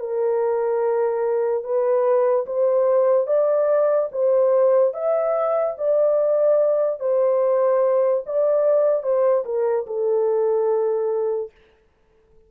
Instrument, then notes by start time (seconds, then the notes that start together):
horn
0.00 A#4
1.64 B4
2.47 C5
3.27 D5
4.12 C5
4.94 E5
5.78 D5
7.00 C5
8.26 D5
9.03 C5
9.45 A#4
9.87 A4